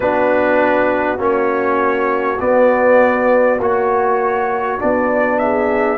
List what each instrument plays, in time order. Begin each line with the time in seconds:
0.00 tuba B3, trombone D4, horn F#4, trumpet B4
1.18 tuba A#3, trombone C#4, trumpet C#5
2.39 trombone B3, tuba B3, trumpet D5
3.58 tuba A#3, trombone F#4, trumpet C#5
4.79 tuba B3, trombone D4, trumpet D5
5.38 horn G#4, trumpet E5